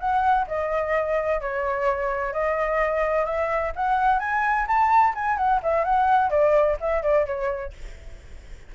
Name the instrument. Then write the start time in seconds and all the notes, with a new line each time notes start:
flute
0.00 F#5
0.48 D#5
1.41 C#5
2.33 D#5
3.26 E5
3.76 F#5
4.20 G#5
4.68 A5
5.15 G#5
5.38 F#5
5.63 E5
5.85 F#5
6.30 D5
6.81 E5
7.03 D5
7.26 C#5